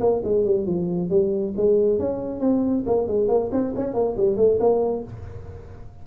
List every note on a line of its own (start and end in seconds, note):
0.00 0.22 A#3
0.24 0.45 G#3
0.45 0.66 G3
0.66 1.10 F3
1.10 1.54 G3
1.57 1.99 G#3
1.99 2.40 C#4
2.40 2.84 C4
2.86 3.08 A#3
3.08 3.28 G#3
3.28 3.50 A#3
3.52 3.74 C4
3.76 3.94 C#4
3.94 4.16 A#3
4.17 4.37 G3
4.37 4.58 A3
4.60 5.04 A#3